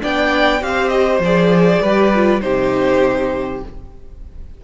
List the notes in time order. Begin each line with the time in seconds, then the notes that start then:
0.00 B3 D4 D5 G5
0.61 C4 G4 F5
0.67 C5
0.89 D#5
1.19 F3 G#4 D5
1.82 G3 G4 B4
2.15 F4
2.41 C3 D#4 G4 C5